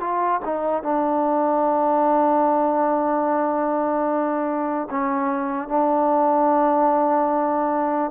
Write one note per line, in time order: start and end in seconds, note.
0.00 0.41 F4
0.45 0.83 D#4
0.83 4.88 D4
4.90 5.68 C#4
5.68 8.11 D4